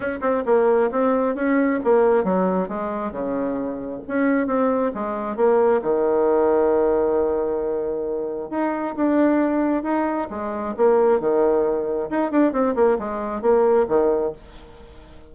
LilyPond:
\new Staff \with { instrumentName = "bassoon" } { \time 4/4 \tempo 4 = 134 cis'8 c'8 ais4 c'4 cis'4 | ais4 fis4 gis4 cis4~ | cis4 cis'4 c'4 gis4 | ais4 dis2.~ |
dis2. dis'4 | d'2 dis'4 gis4 | ais4 dis2 dis'8 d'8 | c'8 ais8 gis4 ais4 dis4 | }